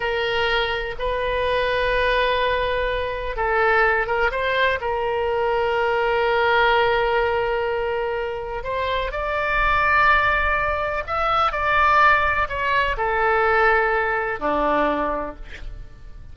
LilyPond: \new Staff \with { instrumentName = "oboe" } { \time 4/4 \tempo 4 = 125 ais'2 b'2~ | b'2. a'4~ | a'8 ais'8 c''4 ais'2~ | ais'1~ |
ais'2 c''4 d''4~ | d''2. e''4 | d''2 cis''4 a'4~ | a'2 d'2 | }